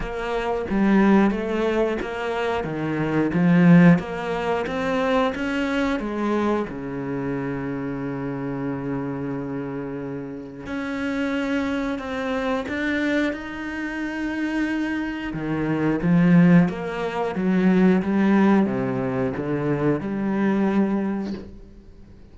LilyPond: \new Staff \with { instrumentName = "cello" } { \time 4/4 \tempo 4 = 90 ais4 g4 a4 ais4 | dis4 f4 ais4 c'4 | cis'4 gis4 cis2~ | cis1 |
cis'2 c'4 d'4 | dis'2. dis4 | f4 ais4 fis4 g4 | c4 d4 g2 | }